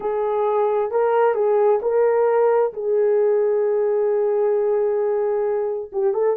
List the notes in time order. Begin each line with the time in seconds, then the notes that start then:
0.00 G#4
0.91 A#4
1.34 G#4
1.81 A#4
2.73 G#4
5.92 G4
6.13 A4